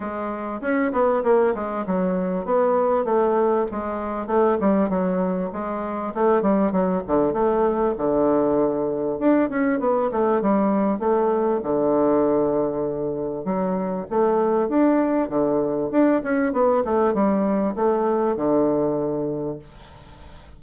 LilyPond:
\new Staff \with { instrumentName = "bassoon" } { \time 4/4 \tempo 4 = 98 gis4 cis'8 b8 ais8 gis8 fis4 | b4 a4 gis4 a8 g8 | fis4 gis4 a8 g8 fis8 d8 | a4 d2 d'8 cis'8 |
b8 a8 g4 a4 d4~ | d2 fis4 a4 | d'4 d4 d'8 cis'8 b8 a8 | g4 a4 d2 | }